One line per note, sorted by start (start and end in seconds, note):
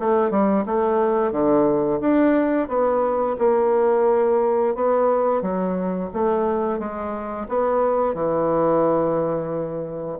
0.00 0.31 A3
0.31 0.65 G3
0.66 1.32 A3
1.32 2.00 D3
2.01 2.68 D4
2.68 3.36 B3
3.39 4.75 A#3
4.75 5.42 B3
5.42 6.10 F#3
6.14 6.79 A3
6.79 7.47 G#3
7.49 8.14 B3
8.14 10.19 E3